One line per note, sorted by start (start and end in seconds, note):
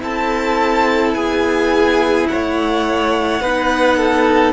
0.00 1.14 C4
0.00 3.40 E4
0.00 1.16 A4
0.00 1.14 A5
1.14 2.27 B3
1.14 2.29 G#4
1.14 2.28 G#5
2.28 3.41 A3
2.28 3.42 C#5
2.28 4.54 F#5
3.41 4.54 B3
3.41 4.54 D#4
3.41 3.97 B4
3.97 4.54 A4